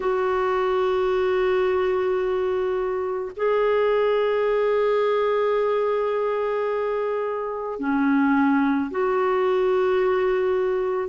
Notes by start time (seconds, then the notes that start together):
0.00 F#4
3.36 G#4
7.79 C#4
8.90 F#4